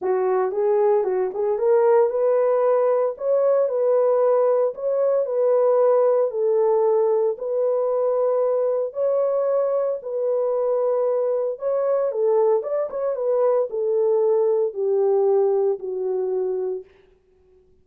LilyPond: \new Staff \with { instrumentName = "horn" } { \time 4/4 \tempo 4 = 114 fis'4 gis'4 fis'8 gis'8 ais'4 | b'2 cis''4 b'4~ | b'4 cis''4 b'2 | a'2 b'2~ |
b'4 cis''2 b'4~ | b'2 cis''4 a'4 | d''8 cis''8 b'4 a'2 | g'2 fis'2 | }